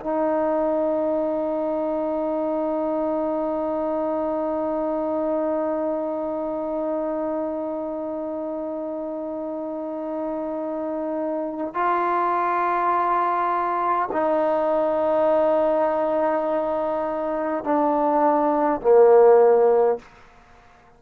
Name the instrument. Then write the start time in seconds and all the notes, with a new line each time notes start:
trombone
0.00 D#4
11.74 F4
14.12 D#4
17.64 D4
18.81 A#3